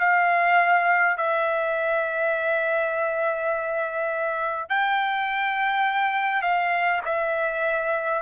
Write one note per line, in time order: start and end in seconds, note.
0.00 1.18 F5
1.18 4.70 E5
4.70 6.42 G5
6.42 7.01 F5
7.05 8.22 E5